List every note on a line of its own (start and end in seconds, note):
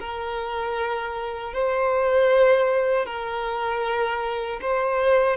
0.00 1.53 A#4
1.53 3.06 C5
3.06 4.60 A#4
4.62 5.37 C5